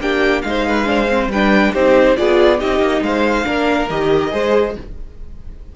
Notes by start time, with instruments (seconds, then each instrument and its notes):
0.00 cello A#3, viola D4, violin G4 G5
0.42 cello G#3, viola D#4, violin F5
0.49 violin C5
0.68 violin B4
0.86 viola D4, violin C5
1.10 viola C4
1.27 cello G3, violin B4 G5
1.35 viola D4
1.73 cello C4, viola D#4, violin G4 C5
2.17 cello B3, viola F4, violin G#4 D5
2.59 cello C4, viola D#4, violin G4 D#5
2.80 cello A#3
3.02 cello G#3, violin C5 F5
3.45 cello A#3, viola D4, violin A#4
3.90 cello D#3, viola G4, violin D#5
4.31 cello G#3, viola G#4, violin C5